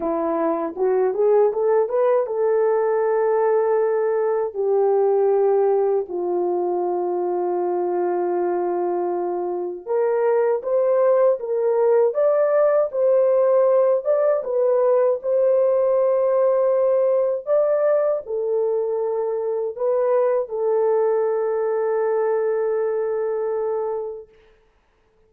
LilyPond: \new Staff \with { instrumentName = "horn" } { \time 4/4 \tempo 4 = 79 e'4 fis'8 gis'8 a'8 b'8 a'4~ | a'2 g'2 | f'1~ | f'4 ais'4 c''4 ais'4 |
d''4 c''4. d''8 b'4 | c''2. d''4 | a'2 b'4 a'4~ | a'1 | }